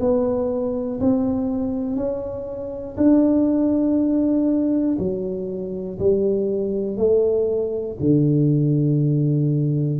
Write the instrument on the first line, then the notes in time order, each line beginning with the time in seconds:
tuba
0.00 B3
1.00 C4
1.96 C#4
2.97 D4
4.99 F#3
6.00 G3
6.97 A3
8.00 D3